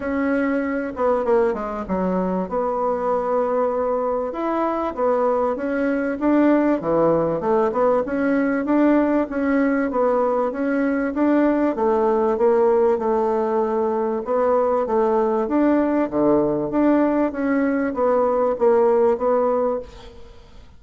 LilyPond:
\new Staff \with { instrumentName = "bassoon" } { \time 4/4 \tempo 4 = 97 cis'4. b8 ais8 gis8 fis4 | b2. e'4 | b4 cis'4 d'4 e4 | a8 b8 cis'4 d'4 cis'4 |
b4 cis'4 d'4 a4 | ais4 a2 b4 | a4 d'4 d4 d'4 | cis'4 b4 ais4 b4 | }